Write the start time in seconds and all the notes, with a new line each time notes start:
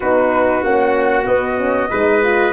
0.00 B3 D#4 F#4 B4
0.63 A#3 C#4 F#5
1.23 B3 D#5
1.57 C#4
1.90 G#3 D#4 B4
2.22 F4